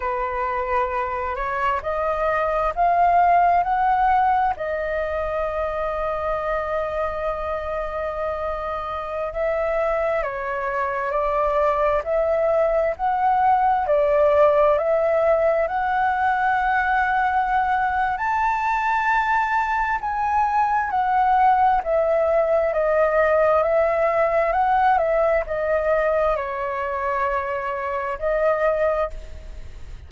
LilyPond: \new Staff \with { instrumentName = "flute" } { \time 4/4 \tempo 4 = 66 b'4. cis''8 dis''4 f''4 | fis''4 dis''2.~ | dis''2~ dis''16 e''4 cis''8.~ | cis''16 d''4 e''4 fis''4 d''8.~ |
d''16 e''4 fis''2~ fis''8. | a''2 gis''4 fis''4 | e''4 dis''4 e''4 fis''8 e''8 | dis''4 cis''2 dis''4 | }